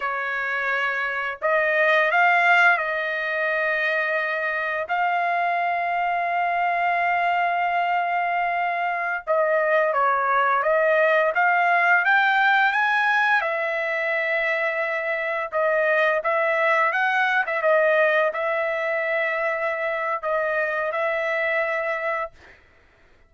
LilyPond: \new Staff \with { instrumentName = "trumpet" } { \time 4/4 \tempo 4 = 86 cis''2 dis''4 f''4 | dis''2. f''4~ | f''1~ | f''4~ f''16 dis''4 cis''4 dis''8.~ |
dis''16 f''4 g''4 gis''4 e''8.~ | e''2~ e''16 dis''4 e''8.~ | e''16 fis''8. e''16 dis''4 e''4.~ e''16~ | e''4 dis''4 e''2 | }